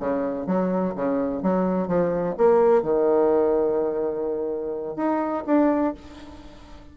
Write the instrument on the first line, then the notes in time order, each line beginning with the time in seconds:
bassoon
0.00 C#3
0.47 F#3
0.96 C#3
1.43 F#3
1.88 F3
2.38 A#3
2.83 D#3
4.97 D#4
5.47 D4